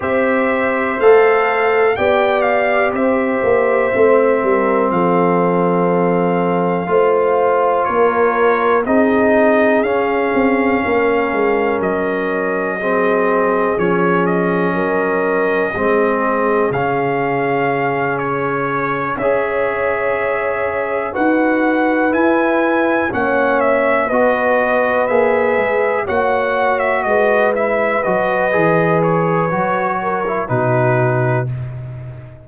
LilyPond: <<
  \new Staff \with { instrumentName = "trumpet" } { \time 4/4 \tempo 4 = 61 e''4 f''4 g''8 f''8 e''4~ | e''4 f''2. | cis''4 dis''4 f''2 | dis''2 cis''8 dis''4.~ |
dis''4 f''4. cis''4 e''8~ | e''4. fis''4 gis''4 fis''8 | e''8 dis''4 e''4 fis''8. e''16 dis''8 | e''8 dis''4 cis''4. b'4 | }
  \new Staff \with { instrumentName = "horn" } { \time 4/4 c''2 d''4 c''4~ | c''8 ais'8 a'2 c''4 | ais'4 gis'2 ais'4~ | ais'4 gis'2 ais'4 |
gis'2.~ gis'8 cis''8~ | cis''4. b'2 cis''8~ | cis''8 b'2 cis''4 b'8~ | b'2~ b'8 ais'8 fis'4 | }
  \new Staff \with { instrumentName = "trombone" } { \time 4/4 g'4 a'4 g'2 | c'2. f'4~ | f'4 dis'4 cis'2~ | cis'4 c'4 cis'2 |
c'4 cis'2~ cis'8 gis'8~ | gis'4. fis'4 e'4 cis'8~ | cis'8 fis'4 gis'4 fis'4. | e'8 fis'8 gis'4 fis'8. e'16 dis'4 | }
  \new Staff \with { instrumentName = "tuba" } { \time 4/4 c'4 a4 b4 c'8 ais8 | a8 g8 f2 a4 | ais4 c'4 cis'8 c'8 ais8 gis8 | fis2 f4 fis4 |
gis4 cis2~ cis8 cis'8~ | cis'4. dis'4 e'4 ais8~ | ais8 b4 ais8 gis8 ais4 gis8~ | gis8 fis8 e4 fis4 b,4 | }
>>